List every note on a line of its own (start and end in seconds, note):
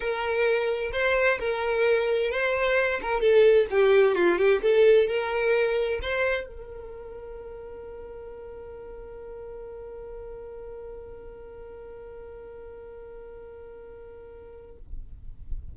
0.00 0.91 A#4
0.92 1.38 C5
1.39 2.31 A#4
2.31 3.00 C5
3.02 3.20 A#4
3.20 3.66 A4
3.70 4.15 G4
4.15 4.38 F4
4.38 4.61 G4
4.62 5.07 A4
5.07 5.99 A#4
6.01 6.46 C5
6.46 14.77 A#4